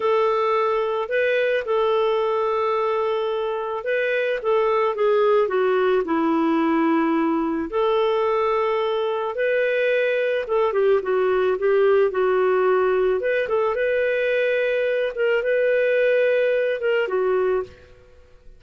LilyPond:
\new Staff \with { instrumentName = "clarinet" } { \time 4/4 \tempo 4 = 109 a'2 b'4 a'4~ | a'2. b'4 | a'4 gis'4 fis'4 e'4~ | e'2 a'2~ |
a'4 b'2 a'8 g'8 | fis'4 g'4 fis'2 | b'8 a'8 b'2~ b'8 ais'8 | b'2~ b'8 ais'8 fis'4 | }